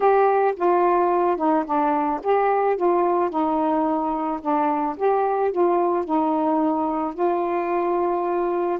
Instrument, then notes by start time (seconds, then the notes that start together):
saxophone
0.00 G4
0.56 F4
1.36 D#4
1.65 D4
2.23 G4
2.76 F4
3.30 D#4
4.41 D4
4.96 G4
5.51 F4
6.04 D#4
7.14 F4